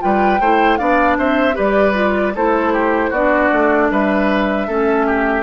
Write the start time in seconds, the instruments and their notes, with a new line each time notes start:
0.00 bassoon G3, clarinet F4, oboe B4, flute G5
0.40 bassoon A3, clarinet E4, oboe C5
0.77 bassoon B3, clarinet D4, oboe D5, flute F5
1.18 bassoon C4, oboe C5, flute E5
1.54 bassoon G3, clarinet G4, oboe B4, flute D5
1.94 clarinet F4
2.35 bassoon A3, clarinet E4, oboe A4, flute C5
2.74 oboe G4
3.10 bassoon B3, clarinet D4, oboe F#4, flute D5
3.53 bassoon A3
3.91 bassoon G3, oboe B4, flute E5
4.68 bassoon A3, clarinet C#4, oboe A4
5.07 oboe G4